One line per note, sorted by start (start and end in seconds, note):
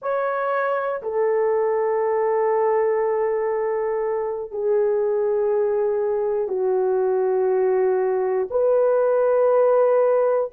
0.01 1.01 C#5
1.02 4.50 A4
4.50 6.48 G#4
6.48 8.48 F#4
8.50 10.50 B4